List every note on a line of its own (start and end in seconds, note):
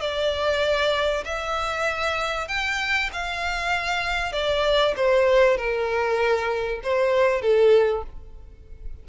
0.00 1.24 D5
1.25 2.48 E5
2.48 3.10 G5
3.12 4.32 F5
4.32 4.94 D5
4.96 5.57 C5
5.57 6.81 A#4
6.83 7.41 C5
7.41 8.03 A4